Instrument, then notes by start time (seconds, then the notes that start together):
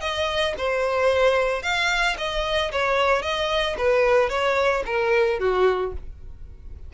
violin
0.00 D#5
0.57 C5
1.62 F5
2.17 D#5
2.72 C#5
3.22 D#5
3.77 B4
4.29 C#5
4.85 A#4
5.39 F#4